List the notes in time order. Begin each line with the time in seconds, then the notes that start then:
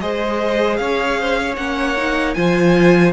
0.00 G#3 G#4 C5 D#5
0.76 C#4 C#5 F5
1.20 C5
1.39 C#5
1.56 A#3 C#4 F#5
1.97 D#4
2.33 F3 F4 C5 G#5